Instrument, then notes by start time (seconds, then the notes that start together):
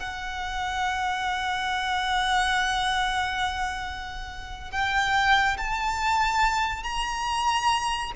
violin
0.00 F#5
4.71 G5
5.58 A5
6.84 A#5